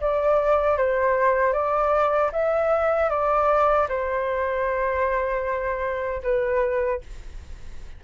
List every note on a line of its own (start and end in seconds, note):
0.00 0.77 D5
0.77 1.53 C5
1.53 2.31 D5
2.32 3.09 E5
3.09 3.87 D5
3.88 6.22 C5
6.23 7.01 B4